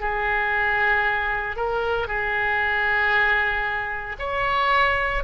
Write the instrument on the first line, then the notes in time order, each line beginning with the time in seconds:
oboe
0.00 G#4
1.56 A#4
2.07 G#4
4.19 C#5